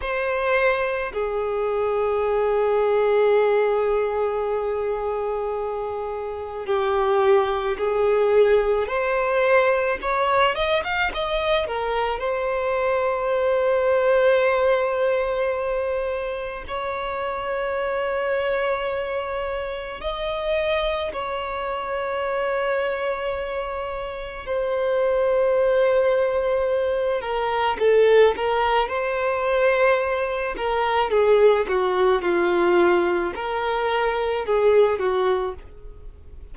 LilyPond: \new Staff \with { instrumentName = "violin" } { \time 4/4 \tempo 4 = 54 c''4 gis'2.~ | gis'2 g'4 gis'4 | c''4 cis''8 dis''16 f''16 dis''8 ais'8 c''4~ | c''2. cis''4~ |
cis''2 dis''4 cis''4~ | cis''2 c''2~ | c''8 ais'8 a'8 ais'8 c''4. ais'8 | gis'8 fis'8 f'4 ais'4 gis'8 fis'8 | }